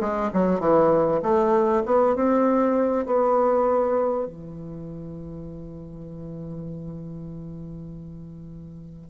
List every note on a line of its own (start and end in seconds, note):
0.00 0.30 G#3
0.33 0.60 F#3
0.60 1.21 E3
1.22 1.83 A3
1.85 2.15 B3
2.15 3.06 C4
3.06 4.26 B3
4.26 9.10 E3